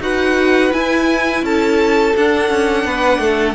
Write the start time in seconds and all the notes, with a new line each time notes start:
0.00 D#4 F#4 B4 F#5
0.71 E4 G#5
1.42 C#4 A4 A5
2.16 D4 F#5
2.50 C#4
2.84 B3 B4
3.18 A3 A4